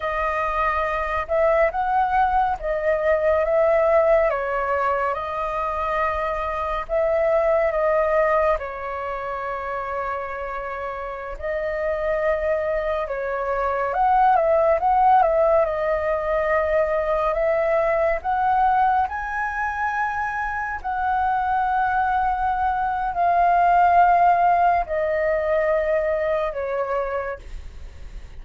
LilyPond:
\new Staff \with { instrumentName = "flute" } { \time 4/4 \tempo 4 = 70 dis''4. e''8 fis''4 dis''4 | e''4 cis''4 dis''2 | e''4 dis''4 cis''2~ | cis''4~ cis''16 dis''2 cis''8.~ |
cis''16 fis''8 e''8 fis''8 e''8 dis''4.~ dis''16~ | dis''16 e''4 fis''4 gis''4.~ gis''16~ | gis''16 fis''2~ fis''8. f''4~ | f''4 dis''2 cis''4 | }